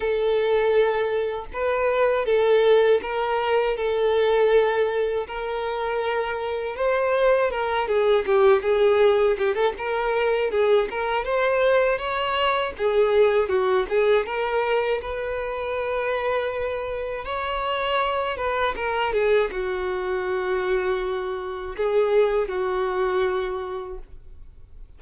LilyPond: \new Staff \with { instrumentName = "violin" } { \time 4/4 \tempo 4 = 80 a'2 b'4 a'4 | ais'4 a'2 ais'4~ | ais'4 c''4 ais'8 gis'8 g'8 gis'8~ | gis'8 g'16 a'16 ais'4 gis'8 ais'8 c''4 |
cis''4 gis'4 fis'8 gis'8 ais'4 | b'2. cis''4~ | cis''8 b'8 ais'8 gis'8 fis'2~ | fis'4 gis'4 fis'2 | }